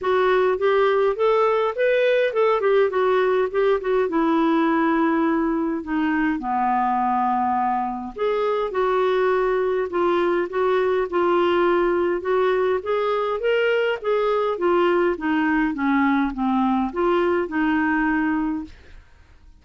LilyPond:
\new Staff \with { instrumentName = "clarinet" } { \time 4/4 \tempo 4 = 103 fis'4 g'4 a'4 b'4 | a'8 g'8 fis'4 g'8 fis'8 e'4~ | e'2 dis'4 b4~ | b2 gis'4 fis'4~ |
fis'4 f'4 fis'4 f'4~ | f'4 fis'4 gis'4 ais'4 | gis'4 f'4 dis'4 cis'4 | c'4 f'4 dis'2 | }